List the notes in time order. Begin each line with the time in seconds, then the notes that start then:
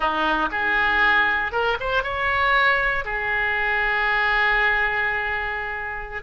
0.00 D#4
0.51 G#4
1.52 A#4
1.79 C5
2.03 C#5
3.04 G#4